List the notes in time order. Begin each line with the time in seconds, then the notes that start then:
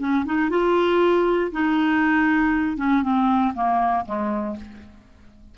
0.00 C#4
0.26 D#4
0.50 F4
1.52 D#4
2.77 C#4
3.03 C4
3.55 A#3
4.06 G#3